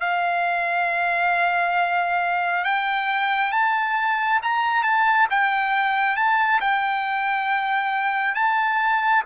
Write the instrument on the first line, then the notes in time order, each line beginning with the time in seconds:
trumpet
0.00 F5
2.64 G5
3.52 A5
4.42 A#5
4.83 A5
5.30 G5
6.16 A5
6.61 G5
8.35 A5